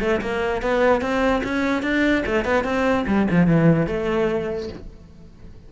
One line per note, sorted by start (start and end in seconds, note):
0.00 0.21 A3
0.21 0.62 A#3
0.62 1.01 B3
1.01 1.42 C4
1.44 1.83 C#4
1.83 2.24 D4
2.26 2.45 A3
2.45 2.64 B3
2.64 3.05 C4
3.07 3.28 G3
3.31 3.47 F3
3.47 3.87 E3
3.87 4.69 A3